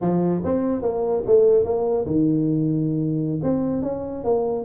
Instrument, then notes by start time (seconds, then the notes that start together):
tuba
0.01 F3
0.44 C4
0.82 A#3
1.26 A3
1.64 A#3
2.06 D#3
3.42 C4
3.82 C#4
4.24 A#3